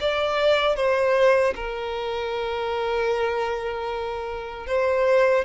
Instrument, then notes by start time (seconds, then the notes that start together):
violin
0.00 D5
0.76 C5
1.55 A#4
4.66 C5